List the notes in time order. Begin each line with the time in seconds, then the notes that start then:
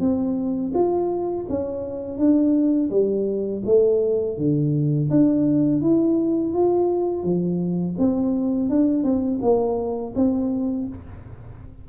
0.00 C4
0.74 F4
1.49 C#4
2.18 D4
2.90 G3
3.65 A3
4.37 D3
5.10 D4
5.81 E4
6.53 F4
7.24 F3
7.98 C4
8.69 D4
9.03 C4
9.42 A#3
10.15 C4